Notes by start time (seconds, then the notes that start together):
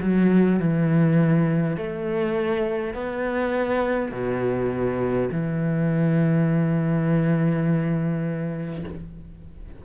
0.00 F#3
0.59 E3
1.76 A3
2.94 B3
4.11 B2
5.31 E3